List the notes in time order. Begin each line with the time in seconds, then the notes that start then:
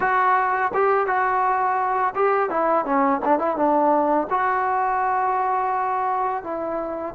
0.00 F#4
0.74 G4
1.06 F#4
2.15 G4
2.49 E4
2.85 C#4
3.24 D4
3.38 E4
3.56 D4
4.30 F#4
6.43 E4